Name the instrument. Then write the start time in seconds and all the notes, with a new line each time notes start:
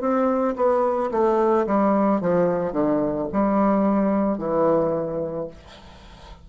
bassoon
0.00 C4
0.56 B3
1.11 A3
1.66 G3
2.20 F3
2.72 D3
3.32 G3
4.38 E3